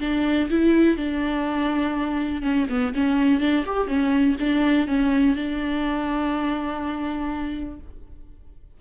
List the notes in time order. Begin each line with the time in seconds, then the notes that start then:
0.00 D4
0.49 E4
0.97 D4
2.42 C#4
2.69 B3
2.94 C#4
3.40 D4
3.66 G4
3.87 C#4
4.39 D4
4.87 C#4
5.35 D4